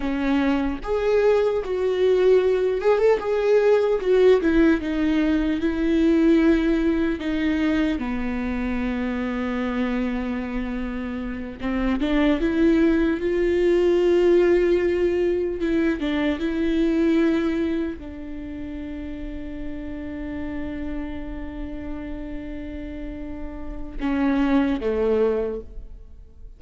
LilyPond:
\new Staff \with { instrumentName = "viola" } { \time 4/4 \tempo 4 = 75 cis'4 gis'4 fis'4. gis'16 a'16 | gis'4 fis'8 e'8 dis'4 e'4~ | e'4 dis'4 b2~ | b2~ b8 c'8 d'8 e'8~ |
e'8 f'2. e'8 | d'8 e'2 d'4.~ | d'1~ | d'2 cis'4 a4 | }